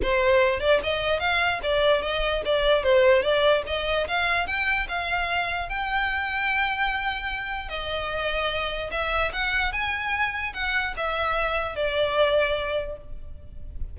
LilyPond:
\new Staff \with { instrumentName = "violin" } { \time 4/4 \tempo 4 = 148 c''4. d''8 dis''4 f''4 | d''4 dis''4 d''4 c''4 | d''4 dis''4 f''4 g''4 | f''2 g''2~ |
g''2. dis''4~ | dis''2 e''4 fis''4 | gis''2 fis''4 e''4~ | e''4 d''2. | }